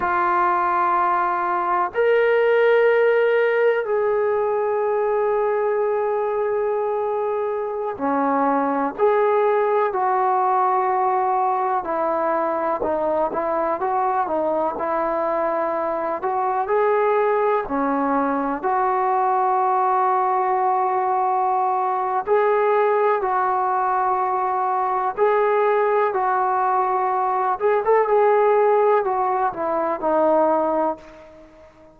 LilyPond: \new Staff \with { instrumentName = "trombone" } { \time 4/4 \tempo 4 = 62 f'2 ais'2 | gis'1~ | gis'16 cis'4 gis'4 fis'4.~ fis'16~ | fis'16 e'4 dis'8 e'8 fis'8 dis'8 e'8.~ |
e'8. fis'8 gis'4 cis'4 fis'8.~ | fis'2. gis'4 | fis'2 gis'4 fis'4~ | fis'8 gis'16 a'16 gis'4 fis'8 e'8 dis'4 | }